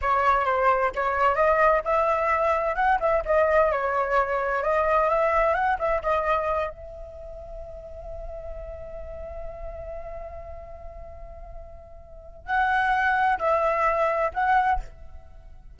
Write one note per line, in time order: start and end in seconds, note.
0.01 0.45 C#5
0.45 0.91 C5
0.95 1.35 C#5
1.35 1.81 D#5
1.84 2.75 E5
2.75 2.98 F#5
3.00 3.23 E5
3.25 3.71 D#5
3.71 4.63 C#5
4.63 5.09 D#5
5.09 5.54 E5
5.54 5.77 F#5
5.78 6.01 E5
6.02 6.69 D#5
6.69 12.46 E5
12.46 13.38 F#5
13.38 14.31 E5
14.33 14.79 F#5